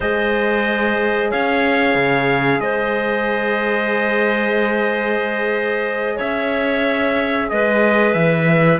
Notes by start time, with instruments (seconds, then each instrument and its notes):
0.00 cello G#3, horn G#4, clarinet C5, trumpet D#5
1.30 cello C#4, clarinet C#5, trumpet F5
1.94 cello C#3
2.60 cello G#3, clarinet C5, trumpet D#5
6.15 cello C#4, clarinet C#5, trumpet E5
7.49 cello G#3, clarinet B4, trumpet D#5
8.13 cello E3, trumpet E5